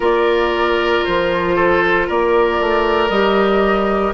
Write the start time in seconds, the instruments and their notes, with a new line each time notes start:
0.00 bassoon A#3, clarinet F4, oboe A#4, flute D5
1.04 bassoon F3, flute C5
1.55 oboe A4
2.07 bassoon A#3, oboe A#4, flute D5
2.59 bassoon A3
3.09 bassoon G3, clarinet G4, flute D#5